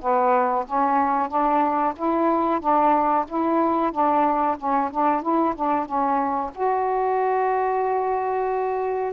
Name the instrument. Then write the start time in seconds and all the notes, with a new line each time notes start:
saxophone
0.00 B3
0.66 C#4
1.28 D4
1.96 E4
2.60 D4
3.28 E4
3.91 D4
4.57 C#4
4.90 D4
5.22 E4
5.55 D4
5.85 C#4
6.55 F#4